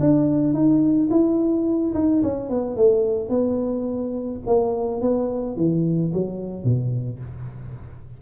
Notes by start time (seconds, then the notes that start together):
0.00 D4
0.54 D#4
1.11 E4
1.94 D#4
2.23 C#4
2.50 B3
2.76 A3
3.29 B3
4.46 A#3
5.01 B3
5.57 E3
6.13 F#3
6.64 B2